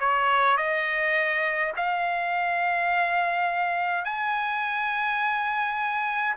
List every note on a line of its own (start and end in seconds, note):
0.00 0.57 C#5
0.57 1.73 D#5
1.77 4.05 F5
4.05 6.36 G#5